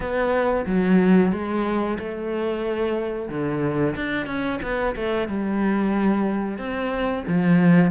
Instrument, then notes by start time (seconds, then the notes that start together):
cello
0.00 B3
0.66 F#3
1.32 G#3
1.98 A3
3.29 D3
3.95 D4
4.26 C#4
4.62 B3
4.95 A3
5.27 G3
6.58 C4
7.27 F3